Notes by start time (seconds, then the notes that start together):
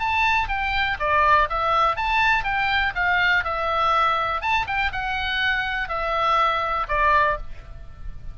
0.00 A5
0.49 G5
1.00 D5
1.50 E5
1.97 A5
2.45 G5
2.96 F5
3.45 E5
4.42 A5
4.67 G5
4.93 F#5
5.89 E5
6.89 D5